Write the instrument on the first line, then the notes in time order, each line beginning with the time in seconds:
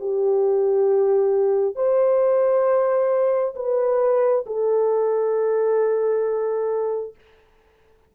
horn
0.00 G4
1.75 C5
3.55 B4
4.46 A4